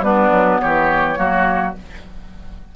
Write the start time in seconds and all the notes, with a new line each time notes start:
0.00 G3 B3 D4 B4
0.30 F#3
0.60 E3 G4 C#5
1.15 F#3 A#3 F#4